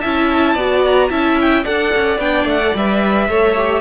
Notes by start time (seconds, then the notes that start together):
0.00 C#4 E4 E5 A5
0.54 B3 F#4 D5
0.86 A#5
1.10 C#4 E4 E5 A5
1.41 G5
1.63 D4 A4 D5 F#5
1.95 C#4
2.18 B3 D4 G5
2.45 A3 F#5
2.63 A4
2.75 G3 B4 E5
3.28 A3 A4 C#5
3.57 G4